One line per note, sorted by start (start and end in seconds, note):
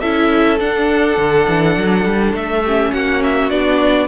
0.00 0.60 C#4
0.00 0.59 E4
0.00 2.63 A4
0.00 0.58 E5
0.59 2.63 D4
0.59 1.17 D4
0.59 2.35 F#5
1.17 1.47 D3
1.48 1.77 E3
1.77 2.05 F#3
2.05 2.33 G3
2.33 2.92 A3
2.33 2.93 E5
2.63 3.50 C#4
2.63 2.92 G4
2.93 3.51 A#3
2.93 4.08 F#4
2.93 3.22 F#5
3.23 3.50 E5
3.50 4.08 B3
3.50 4.08 D4
3.50 4.08 D5